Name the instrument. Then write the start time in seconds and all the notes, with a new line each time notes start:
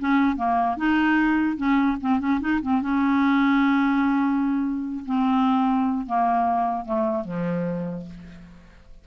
clarinet
0.00 C#4
0.37 A#3
0.77 D#4
1.57 C#4
2.01 C4
2.20 C#4
2.40 D#4
2.62 C4
2.82 C#4
5.06 C4
6.07 A#3
6.86 A3
7.25 F3